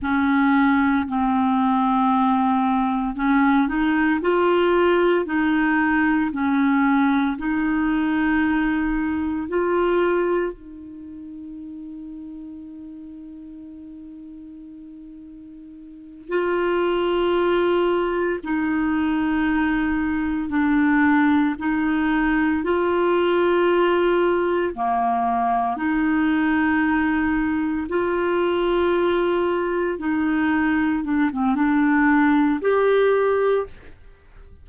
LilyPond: \new Staff \with { instrumentName = "clarinet" } { \time 4/4 \tempo 4 = 57 cis'4 c'2 cis'8 dis'8 | f'4 dis'4 cis'4 dis'4~ | dis'4 f'4 dis'2~ | dis'2.~ dis'8 f'8~ |
f'4. dis'2 d'8~ | d'8 dis'4 f'2 ais8~ | ais8 dis'2 f'4.~ | f'8 dis'4 d'16 c'16 d'4 g'4 | }